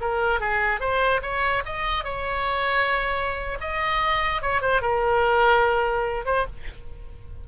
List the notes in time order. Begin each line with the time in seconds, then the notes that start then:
0.00 A#4
0.40 G#4
0.80 C5
1.22 C#5
1.65 D#5
2.04 C#5
3.60 D#5
4.41 C#5
4.61 C5
4.81 A#4
6.25 C5